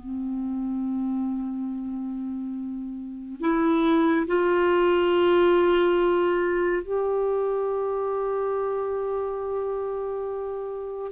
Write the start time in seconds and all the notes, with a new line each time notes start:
0.00 C4
3.41 E4
4.27 F4
6.83 G4